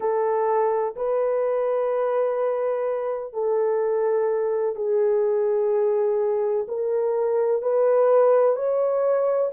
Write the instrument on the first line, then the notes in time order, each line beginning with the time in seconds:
horn
0.00 A4
0.95 B4
3.33 A4
4.75 G#4
6.68 A#4
7.61 B4
8.55 C#5